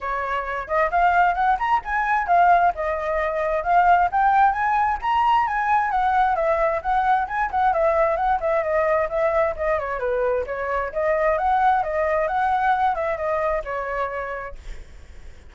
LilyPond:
\new Staff \with { instrumentName = "flute" } { \time 4/4 \tempo 4 = 132 cis''4. dis''8 f''4 fis''8 ais''8 | gis''4 f''4 dis''2 | f''4 g''4 gis''4 ais''4 | gis''4 fis''4 e''4 fis''4 |
gis''8 fis''8 e''4 fis''8 e''8 dis''4 | e''4 dis''8 cis''8 b'4 cis''4 | dis''4 fis''4 dis''4 fis''4~ | fis''8 e''8 dis''4 cis''2 | }